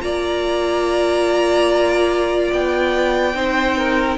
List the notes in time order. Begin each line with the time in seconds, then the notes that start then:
0.00 A#3 F4 D5 A#5
2.52 B3 G5
3.34 C4 D#4 C5
3.77 A#4